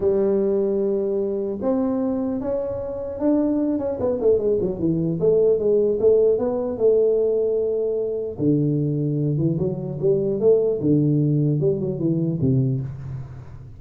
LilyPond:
\new Staff \with { instrumentName = "tuba" } { \time 4/4 \tempo 4 = 150 g1 | c'2 cis'2 | d'4. cis'8 b8 a8 gis8 fis8 | e4 a4 gis4 a4 |
b4 a2.~ | a4 d2~ d8 e8 | fis4 g4 a4 d4~ | d4 g8 fis8 e4 c4 | }